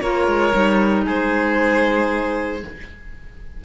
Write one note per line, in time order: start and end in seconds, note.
0.00 0.27 A#3
0.00 0.52 F4
0.00 1.05 A#4
0.00 1.04 C#5
0.27 0.53 G#3
0.52 1.06 G3
0.52 2.61 D#4
1.05 2.63 G#3
1.05 2.62 G#4
1.05 2.64 C5